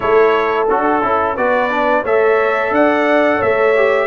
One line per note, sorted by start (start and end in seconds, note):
0.00 0.69 A3
0.00 0.67 E4
0.00 1.36 A4
0.00 0.67 C#5
0.68 1.03 D4
0.68 1.01 F#4
0.68 1.36 A4
1.01 1.37 C#4
1.01 1.36 E4
1.36 2.03 B3
1.36 1.70 F#4
1.36 2.03 B4
1.36 2.05 D5
1.70 2.04 D4
2.03 2.71 A3
2.03 3.75 A4
2.03 2.71 C#5
2.03 2.74 E5
2.71 3.39 D4
2.71 3.37 D5
2.71 3.42 F#5
3.37 4.07 A3
3.37 4.05 C#5
3.37 4.07 E5
3.75 4.07 G4